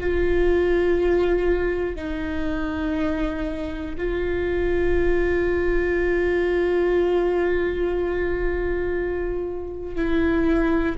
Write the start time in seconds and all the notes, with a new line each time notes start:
0.00 F4
1.95 D#4
3.98 F4
9.96 E4